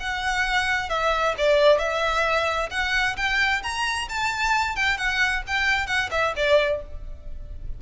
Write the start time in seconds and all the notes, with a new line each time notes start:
0.00 F#5
0.89 E5
1.38 D5
1.79 E5
2.71 F#5
3.17 G5
3.63 A#5
4.09 A5
4.76 G5
4.97 F#5
5.47 G5
5.87 F#5
6.11 E5
6.36 D5